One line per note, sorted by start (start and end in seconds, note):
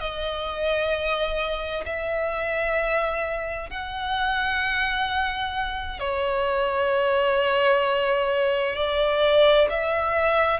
0.00 1.85 D#5
1.86 3.70 E5
3.70 6.00 F#5
6.00 8.76 C#5
8.76 9.68 D5
9.70 10.60 E5